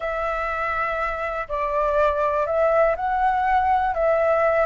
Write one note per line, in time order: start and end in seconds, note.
0.00 1.47 E5
1.48 2.46 D5
2.46 2.95 E5
2.96 3.94 F#5
3.94 4.66 E5